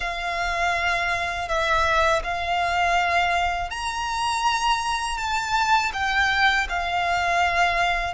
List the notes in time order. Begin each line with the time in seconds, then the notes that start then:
0.00 F5
1.48 E5
2.23 F5
3.70 A#5
5.17 A5
5.93 G5
6.69 F5